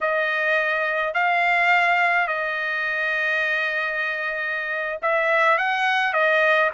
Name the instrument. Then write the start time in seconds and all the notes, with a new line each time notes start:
trumpet
0.00 D#5
1.14 F5
2.27 D#5
5.01 E5
5.57 F#5
6.13 D#5